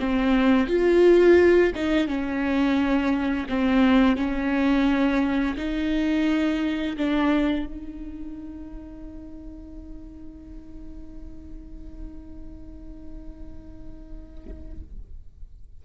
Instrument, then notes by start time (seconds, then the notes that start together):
viola
0.00 C4
0.68 F4
1.75 D#4
2.07 C#4
3.49 C4
4.17 C#4
5.58 D#4
6.97 D4
7.66 D#4